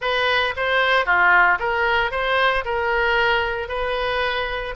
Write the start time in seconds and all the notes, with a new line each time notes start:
0.01 B4
0.56 C5
1.05 F4
1.59 A#4
2.11 C5
2.65 A#4
3.68 B4